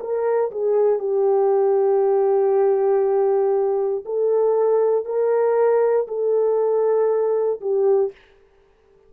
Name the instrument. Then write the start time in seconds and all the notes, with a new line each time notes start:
horn
0.00 A#4
0.51 G#4
0.99 G4
4.05 A4
5.05 A#4
6.08 A4
7.61 G4